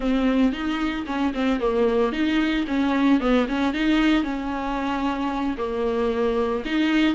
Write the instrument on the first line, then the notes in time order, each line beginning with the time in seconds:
viola
0.00 C4
0.52 D#4
1.06 C#4
1.34 C4
1.60 A#3
2.12 D#4
2.67 C#4
3.20 B3
3.48 C#4
3.73 D#4
4.23 C#4
5.57 A#3
6.65 D#4